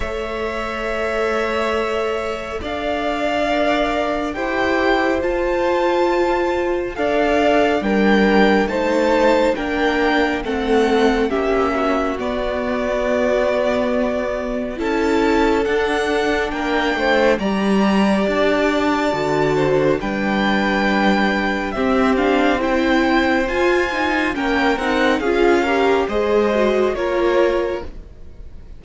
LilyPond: <<
  \new Staff \with { instrumentName = "violin" } { \time 4/4 \tempo 4 = 69 e''2. f''4~ | f''4 g''4 a''2 | f''4 g''4 a''4 g''4 | fis''4 e''4 d''2~ |
d''4 a''4 fis''4 g''4 | ais''4 a''2 g''4~ | g''4 e''8 f''8 g''4 gis''4 | g''8 fis''8 f''4 dis''4 cis''4 | }
  \new Staff \with { instrumentName = "violin" } { \time 4/4 cis''2. d''4~ | d''4 c''2. | d''4 ais'4 c''4 ais'4 | a'4 g'8 fis'2~ fis'8~ |
fis'4 a'2 ais'8 c''8 | d''2~ d''8 c''8 b'4~ | b'4 g'4 c''2 | ais'4 gis'8 ais'8 c''4 ais'4 | }
  \new Staff \with { instrumentName = "viola" } { \time 4/4 a'1 | ais'4 g'4 f'2 | a'4 d'4 dis'4 d'4 | c'4 cis'4 b2~ |
b4 e'4 d'2 | g'2 fis'4 d'4~ | d'4 c'8 d'8 e'4 f'8 dis'8 | cis'8 dis'8 f'8 g'8 gis'8 fis'8 f'4 | }
  \new Staff \with { instrumentName = "cello" } { \time 4/4 a2. d'4~ | d'4 e'4 f'2 | d'4 g4 a4 ais4 | a4 ais4 b2~ |
b4 cis'4 d'4 ais8 a8 | g4 d'4 d4 g4~ | g4 c'2 f'4 | ais8 c'8 cis'4 gis4 ais4 | }
>>